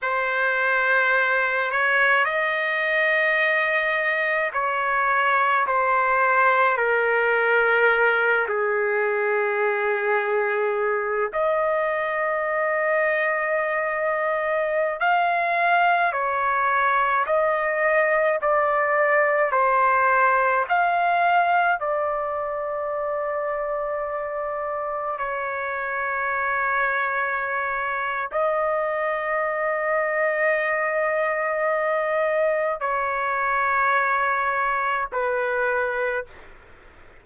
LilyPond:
\new Staff \with { instrumentName = "trumpet" } { \time 4/4 \tempo 4 = 53 c''4. cis''8 dis''2 | cis''4 c''4 ais'4. gis'8~ | gis'2 dis''2~ | dis''4~ dis''16 f''4 cis''4 dis''8.~ |
dis''16 d''4 c''4 f''4 d''8.~ | d''2~ d''16 cis''4.~ cis''16~ | cis''4 dis''2.~ | dis''4 cis''2 b'4 | }